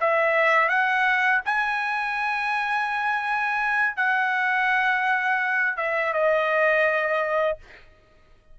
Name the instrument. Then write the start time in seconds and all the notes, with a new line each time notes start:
trumpet
0.00 E5
0.68 F#5
1.45 G#5
3.96 F#5
5.77 E5
6.13 D#5